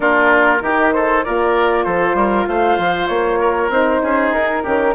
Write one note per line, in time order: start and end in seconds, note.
0.00 0.60 A#3
0.00 0.60 D4
0.00 0.62 F4
0.00 0.92 A#4
0.60 1.22 D#3
0.60 1.25 D#4
0.60 0.93 G4
0.92 1.24 A4
0.92 1.23 C5
1.23 1.86 A#3
1.23 3.71 F4
1.23 1.85 A#4
1.23 1.83 D5
1.83 2.14 F3
1.83 2.16 A4
1.83 2.45 C5
2.14 2.45 G3
2.14 2.48 A#4
2.46 2.77 A3
2.46 3.39 C5
2.46 3.07 F5
2.77 3.08 F3
3.07 3.69 A#3
3.07 3.69 C#5
3.39 4.01 A#4
3.69 3.99 C4
3.69 4.64 D#4
3.69 4.33 C5
4.02 4.30 C#4
4.02 4.63 G#4
4.30 4.61 D#4
4.30 4.95 A#4
4.63 4.95 D#3
4.63 4.95 C#4
4.63 4.94 G4